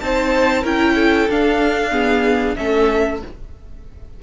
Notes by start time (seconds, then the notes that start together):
0.00 C4 D#4 C5 A5
0.62 C#4 E4 A#4 G5
0.95 A4
1.29 D4 F5
1.91 B3 G#4
2.56 A3 C#4 A4 E5